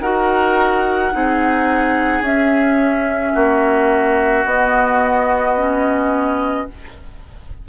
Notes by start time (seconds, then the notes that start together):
0.00 D#4 F#4 A#4 F#5
1.12 C4 D#4 G#4
2.21 C#4 E5
3.33 A#3 F#4
4.45 B3 D#5
5.57 C#4